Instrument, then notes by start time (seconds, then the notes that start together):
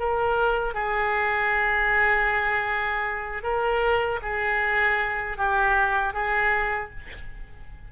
oboe
0.00 A#4
0.74 G#4
3.43 A#4
4.23 G#4
5.38 G4
6.14 G#4